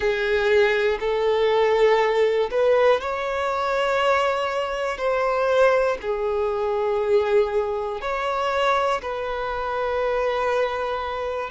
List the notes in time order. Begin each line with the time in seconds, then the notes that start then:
0.00 G#4
1.00 A4
2.50 B4
3.00 C#5
4.97 C5
6.01 G#4
8.01 C#5
9.02 B4